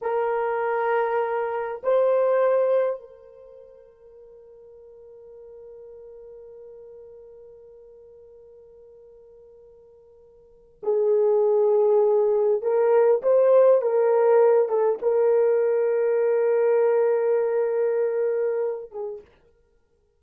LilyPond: \new Staff \with { instrumentName = "horn" } { \time 4/4 \tempo 4 = 100 ais'2. c''4~ | c''4 ais'2.~ | ais'1~ | ais'1~ |
ais'2 gis'2~ | gis'4 ais'4 c''4 ais'4~ | ais'8 a'8 ais'2.~ | ais'2.~ ais'8 gis'8 | }